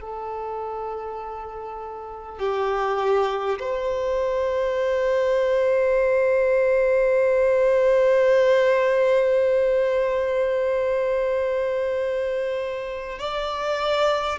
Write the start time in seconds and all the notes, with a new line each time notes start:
0.00 A4
2.38 G4
3.59 C5
13.18 D5